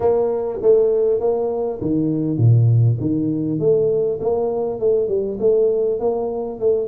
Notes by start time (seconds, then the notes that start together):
0.00 A#3
0.62 A3
1.19 A#3
1.81 D#3
2.37 A#2
3.00 D#3
3.59 A3
4.20 A#3
4.79 A3
5.08 G3
5.39 A3
5.99 A#3
6.59 A3